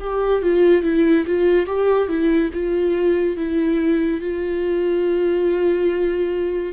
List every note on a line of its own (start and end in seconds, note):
0.00 0.42 G4
0.42 0.83 F4
0.83 1.25 E4
1.26 1.66 F4
1.66 2.08 G4
2.08 2.50 E4
2.53 3.37 F4
3.37 4.21 E4
4.21 6.73 F4